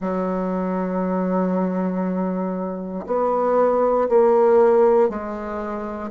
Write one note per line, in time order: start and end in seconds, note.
0.00 3.05 F#3
3.06 4.08 B3
4.08 5.09 A#3
5.09 6.11 G#3